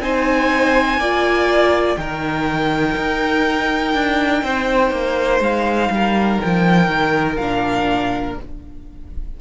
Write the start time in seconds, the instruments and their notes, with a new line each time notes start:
0.00 cello C4, viola D#4, violin C5 G#5
0.98 cello A#3, viola F4, violin D5
1.97 cello D#3, viola D#4, violin A#4 G5
2.97 cello D#4
3.95 cello D4
4.43 cello C4, violin C5
4.91 cello A#3
5.40 cello G#3, violin F5
5.90 cello G3, violin A#4
6.41 cello F3, violin G5
6.88 cello D#3
7.37 cello A#2, viola D4, violin F5